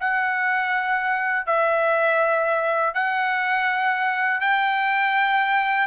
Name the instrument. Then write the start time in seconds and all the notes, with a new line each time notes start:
trumpet
0.00 F#5
1.46 E5
2.94 F#5
4.40 G5